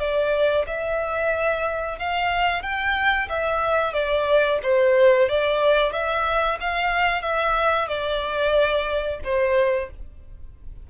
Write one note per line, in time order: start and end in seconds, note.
0.00 0.66 D5
0.67 1.99 E5
1.99 2.63 F5
2.63 3.29 G5
3.29 3.94 E5
3.94 4.59 D5
4.63 5.29 C5
5.29 5.93 D5
5.93 6.59 E5
6.61 7.23 F5
7.23 7.88 E5
7.88 9.20 D5
9.24 9.90 C5